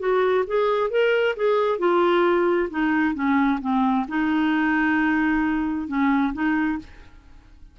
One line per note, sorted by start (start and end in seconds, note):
0.00 0.45 F#4
0.48 0.91 G#4
0.91 1.36 A#4
1.37 1.79 G#4
1.79 2.69 F4
2.71 3.15 D#4
3.15 3.60 C#4
3.62 4.07 C4
4.08 5.88 D#4
5.88 6.33 C#4
6.34 6.79 D#4